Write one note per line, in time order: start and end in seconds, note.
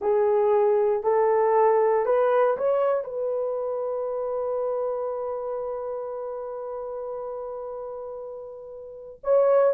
0.01 1.03 G#4
1.03 2.05 A4
2.05 2.56 B4
2.57 3.04 C#5
3.04 9.19 B4
9.23 9.73 C#5